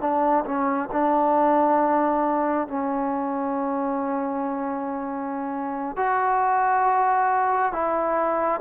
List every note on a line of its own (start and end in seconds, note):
0.00 0.44 D4
0.45 0.89 C#4
0.92 2.68 D4
2.68 5.96 C#4
5.96 7.72 F#4
7.72 8.60 E4